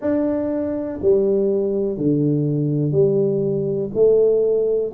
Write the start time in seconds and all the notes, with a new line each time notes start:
0.01 D4
1.01 G3
1.97 D3
2.91 G3
3.94 A3